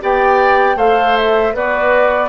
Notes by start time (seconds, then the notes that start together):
0.00 B3 G4 D5 G5
0.75 A3 A4 C5 F5
1.17 E5
1.53 B3 F#4 B4 D5